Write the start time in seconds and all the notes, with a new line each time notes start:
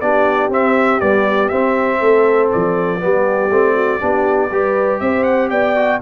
0.00 B3 D4 G4 D5
0.49 C4 E5
1.00 G3 B3 D5
1.48 C4 E5
1.99 A3 A4
2.52 F3 D5
3.00 G3 B3 G4
3.51 A3 C4
3.74 F#4
3.99 B3 D4 G4
4.50 G3 G4 B4
5.00 C4 C5 E5
5.23 F#5
5.50 B3 D5 G5
5.76 F#4